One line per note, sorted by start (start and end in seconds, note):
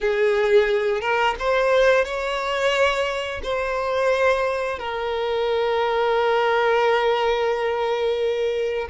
0.00 1.00 G#4
1.00 1.35 A#4
1.39 2.05 C5
2.05 3.41 C#5
3.43 4.79 C5
4.79 8.88 A#4